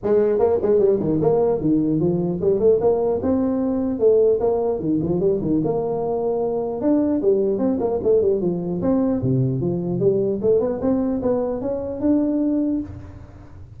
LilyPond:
\new Staff \with { instrumentName = "tuba" } { \time 4/4 \tempo 4 = 150 gis4 ais8 gis8 g8 dis8 ais4 | dis4 f4 g8 a8 ais4 | c'2 a4 ais4 | dis8 f8 g8 dis8 ais2~ |
ais4 d'4 g4 c'8 ais8 | a8 g8 f4 c'4 c4 | f4 g4 a8 b8 c'4 | b4 cis'4 d'2 | }